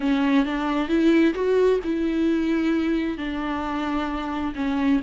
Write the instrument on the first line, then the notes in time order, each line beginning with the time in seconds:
viola
0.00 C#4
0.45 D4
0.88 E4
1.34 F#4
1.83 E4
3.17 D4
4.55 C#4